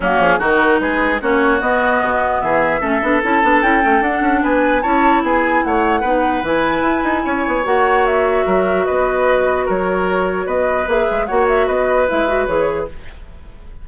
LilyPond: <<
  \new Staff \with { instrumentName = "flute" } { \time 4/4 \tempo 4 = 149 fis'8 gis'8 ais'4 b'4 cis''4 | dis''2 e''2 | a''4 g''4 fis''4 gis''4 | a''4 gis''4 fis''2 |
gis''2. fis''4 | e''2 dis''2 | cis''2 dis''4 e''4 | fis''8 e''8 dis''4 e''4 cis''4 | }
  \new Staff \with { instrumentName = "oboe" } { \time 4/4 cis'4 fis'4 gis'4 fis'4~ | fis'2 gis'4 a'4~ | a'2. b'4 | cis''4 gis'4 cis''4 b'4~ |
b'2 cis''2~ | cis''4 ais'4 b'2 | ais'2 b'2 | cis''4 b'2. | }
  \new Staff \with { instrumentName = "clarinet" } { \time 4/4 ais4 dis'2 cis'4 | b2. cis'8 d'8 | e'8 d'8 e'8 cis'8 d'2 | e'2. dis'4 |
e'2. fis'4~ | fis'1~ | fis'2. gis'4 | fis'2 e'8 fis'8 gis'4 | }
  \new Staff \with { instrumentName = "bassoon" } { \time 4/4 fis8 f8 dis4 gis4 ais4 | b4 b,4 e4 a8 b8 | cis'8 b8 cis'8 a8 d'8 cis'8 b4 | cis'4 b4 a4 b4 |
e4 e'8 dis'8 cis'8 b8 ais4~ | ais4 fis4 b2 | fis2 b4 ais8 gis8 | ais4 b4 gis4 e4 | }
>>